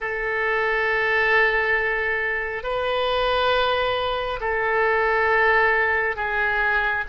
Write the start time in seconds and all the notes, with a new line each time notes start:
0.00 A4
2.63 B4
4.40 A4
6.15 G#4